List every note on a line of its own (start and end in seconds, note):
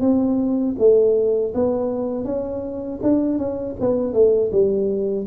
0.00 0.75 C4
0.78 1.53 A3
1.54 2.24 B3
2.24 2.99 C#4
3.02 3.38 D4
3.38 3.75 C#4
3.80 4.13 B3
4.13 4.50 A3
4.51 5.26 G3